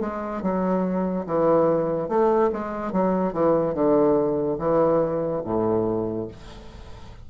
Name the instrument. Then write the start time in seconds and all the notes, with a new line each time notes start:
bassoon
0.00 G#3
0.42 F#3
1.26 E3
2.08 A3
2.52 G#3
2.92 F#3
3.33 E3
3.74 D3
4.58 E3
5.44 A2